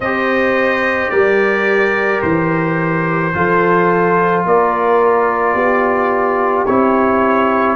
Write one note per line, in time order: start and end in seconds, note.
0.00 1.09 C4
0.00 3.33 G4
0.00 1.12 C5
0.00 1.10 D#5
1.10 2.22 G3
1.10 3.34 A#4
1.10 2.21 D5
2.21 3.34 E3
2.21 4.44 C5
3.33 4.44 F3
3.33 6.66 F4
3.33 4.46 A4
4.44 5.53 A#3
4.44 5.54 A#4
4.44 6.65 D5
5.53 6.65 B3
5.53 7.76 G4
6.65 7.76 C4
6.65 7.76 E4
6.65 7.76 C#5